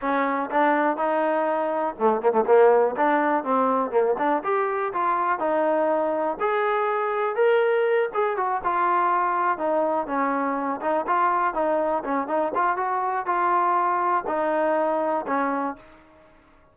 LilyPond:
\new Staff \with { instrumentName = "trombone" } { \time 4/4 \tempo 4 = 122 cis'4 d'4 dis'2 | a8 ais16 a16 ais4 d'4 c'4 | ais8 d'8 g'4 f'4 dis'4~ | dis'4 gis'2 ais'4~ |
ais'8 gis'8 fis'8 f'2 dis'8~ | dis'8 cis'4. dis'8 f'4 dis'8~ | dis'8 cis'8 dis'8 f'8 fis'4 f'4~ | f'4 dis'2 cis'4 | }